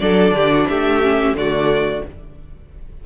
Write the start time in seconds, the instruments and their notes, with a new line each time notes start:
0.00 cello F#3, viola D4, violin A4 D5
0.32 cello D3, violin G4
0.51 violin F#4
0.69 cello A3, violin G4 E5
1.03 viola C#4
1.33 cello D3, viola A3, violin F#4 D5